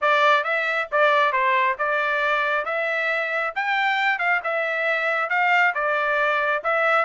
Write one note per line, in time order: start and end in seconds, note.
0.01 0.44 D5
0.44 0.88 E5
0.91 1.32 D5
1.32 1.76 C5
1.78 2.65 D5
2.65 3.53 E5
3.55 4.18 G5
4.18 4.40 F5
4.43 5.29 E5
5.29 5.73 F5
5.74 6.62 D5
6.63 7.05 E5